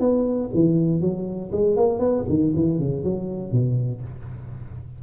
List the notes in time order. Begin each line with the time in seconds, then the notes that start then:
0.00 B3
0.54 E3
1.01 F#3
1.52 G#3
1.77 A#3
1.99 B3
2.29 D#3
2.56 E3
2.79 C#3
3.04 F#3
3.52 B2